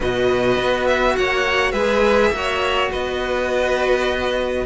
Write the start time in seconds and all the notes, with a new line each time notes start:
0.00 B2 F#4 B4 D#5
0.57 B3
0.87 E5
1.16 A#3 C#5 F#5
1.71 G#3 G#4 B4 E5
2.31 A#3 F#4 C#5
2.91 B3 B4 D#5